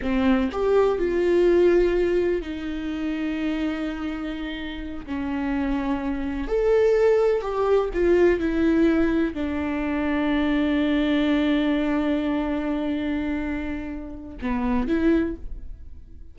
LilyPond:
\new Staff \with { instrumentName = "viola" } { \time 4/4 \tempo 4 = 125 c'4 g'4 f'2~ | f'4 dis'2.~ | dis'2~ dis'8 cis'4.~ | cis'4. a'2 g'8~ |
g'8 f'4 e'2 d'8~ | d'1~ | d'1~ | d'2 b4 e'4 | }